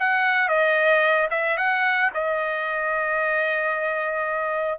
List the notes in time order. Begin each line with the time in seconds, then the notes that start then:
0.00 F#5
0.49 D#5
1.31 E5
1.58 F#5
2.15 D#5